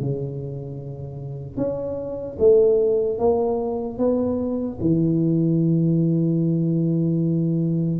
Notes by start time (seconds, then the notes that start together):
0.00 C#3
1.57 C#4
2.39 A3
3.19 A#3
3.98 B3
4.81 E3